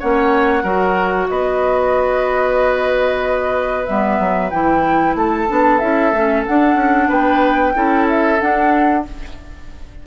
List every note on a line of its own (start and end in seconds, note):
0.00 0.64 A#3
0.00 0.64 C#4
0.00 0.63 C#5
0.00 1.30 F#5
0.63 1.28 F#3
0.63 3.87 F#4
0.63 1.28 A#4
1.30 3.88 B3
1.30 5.17 B4
1.30 3.86 D#5
3.86 4.20 G3
3.86 4.51 B3
3.86 4.50 E5
4.20 4.52 F#3
4.51 5.15 E3
4.51 5.48 E4
4.51 5.15 G5
5.15 5.47 A3
5.15 7.09 A4
5.15 5.80 A5
5.48 5.82 B3
5.48 5.80 D4
5.80 6.13 C#4
5.80 6.13 E4
5.80 6.44 E5
6.13 6.45 A3
6.13 6.47 C#4
6.47 7.75 D4
6.47 6.75 D4
6.47 7.11 F#5
6.75 7.08 C#4
7.09 7.75 B3
7.09 7.74 B4
7.09 8.08 G5
7.75 8.40 C#4
7.75 8.39 E4
7.75 9.05 A4
8.09 8.41 E5
8.40 9.05 D4
8.40 9.07 D4
8.40 9.05 F#5